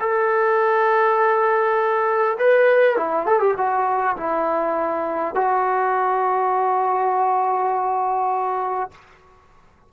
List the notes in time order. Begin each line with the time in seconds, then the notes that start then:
0.00 A4
2.39 B4
2.97 E4
3.26 A4
3.40 G4
3.57 F#4
4.17 E4
5.35 F#4